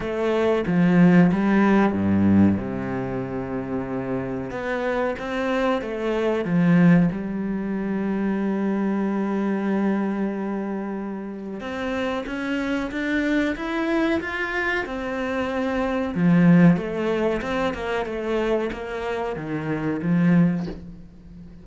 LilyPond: \new Staff \with { instrumentName = "cello" } { \time 4/4 \tempo 4 = 93 a4 f4 g4 g,4 | c2. b4 | c'4 a4 f4 g4~ | g1~ |
g2 c'4 cis'4 | d'4 e'4 f'4 c'4~ | c'4 f4 a4 c'8 ais8 | a4 ais4 dis4 f4 | }